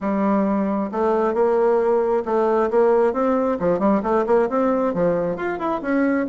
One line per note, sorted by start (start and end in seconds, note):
0.00 0.90 G3
0.91 1.34 A3
1.34 2.23 A#3
2.25 2.70 A3
2.70 3.13 A#3
3.13 3.58 C4
3.59 3.79 F3
3.79 4.01 G3
4.02 4.25 A3
4.26 4.48 A#3
4.49 4.94 C4
4.94 5.36 F3
5.36 5.58 F4
5.58 5.81 E4
5.81 6.26 C#4